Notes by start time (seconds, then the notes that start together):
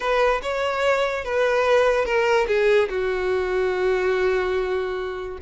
0.00 B4
0.42 C#5
1.24 B4
2.05 A#4
2.47 G#4
2.89 F#4